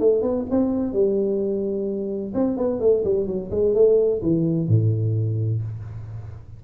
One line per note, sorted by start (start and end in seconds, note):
0.00 0.22 A3
0.22 0.46 B3
0.51 0.93 C4
0.93 2.34 G3
2.35 2.58 C4
2.58 2.80 B3
2.80 3.04 A3
3.05 3.27 G3
3.27 3.51 F#3
3.51 3.75 G#3
3.75 4.22 A3
4.23 4.69 E3
4.69 5.62 A2